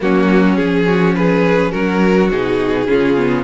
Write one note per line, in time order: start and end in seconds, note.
0.00 0.57 F#3
0.00 0.55 A#3
0.00 0.87 C#4
0.00 0.55 F#4
0.55 1.73 F3
0.55 2.31 C#4
0.55 1.13 G#4
0.87 1.15 F#4
1.15 1.71 G#4
1.15 1.71 B4
1.71 2.30 F#3
1.71 2.87 F#4
1.71 2.29 A#4
2.30 2.87 B2
2.30 2.88 D#4
2.30 3.43 G#4
2.87 3.43 C#3
2.87 3.17 C#4
2.87 3.43 F4
3.17 3.43 B3